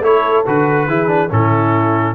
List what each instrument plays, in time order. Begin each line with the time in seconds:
0.00 tuba A3, trombone E4, horn A4, trumpet C#5
0.46 tuba D3, trombone F#4, trumpet B4
0.87 tuba E3, trombone E4, horn G#4
1.08 trombone D4
1.30 tuba A2, trombone C#4, horn E4, trumpet A4